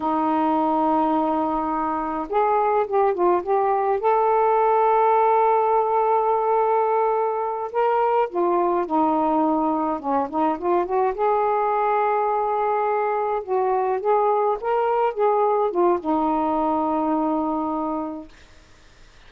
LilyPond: \new Staff \with { instrumentName = "saxophone" } { \time 4/4 \tempo 4 = 105 dis'1 | gis'4 g'8 f'8 g'4 a'4~ | a'1~ | a'4. ais'4 f'4 dis'8~ |
dis'4. cis'8 dis'8 f'8 fis'8 gis'8~ | gis'2.~ gis'8 fis'8~ | fis'8 gis'4 ais'4 gis'4 f'8 | dis'1 | }